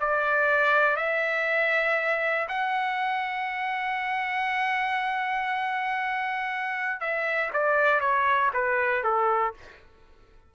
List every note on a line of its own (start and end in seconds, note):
0.00 0.97 D5
0.97 2.48 E5
2.49 7.00 F#5
7.00 7.51 E5
7.53 8.01 D5
8.01 8.51 C#5
8.54 9.04 B4
9.04 9.54 A4